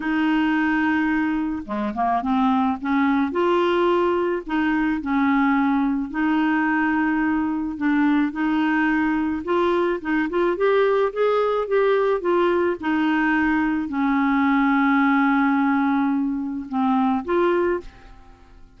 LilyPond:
\new Staff \with { instrumentName = "clarinet" } { \time 4/4 \tempo 4 = 108 dis'2. gis8 ais8 | c'4 cis'4 f'2 | dis'4 cis'2 dis'4~ | dis'2 d'4 dis'4~ |
dis'4 f'4 dis'8 f'8 g'4 | gis'4 g'4 f'4 dis'4~ | dis'4 cis'2.~ | cis'2 c'4 f'4 | }